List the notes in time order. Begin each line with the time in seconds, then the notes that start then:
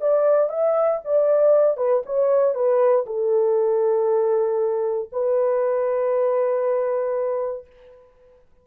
0.00 D5
0.49 E5
1.04 D5
1.77 B4
2.05 C#5
2.54 B4
3.06 A4
5.12 B4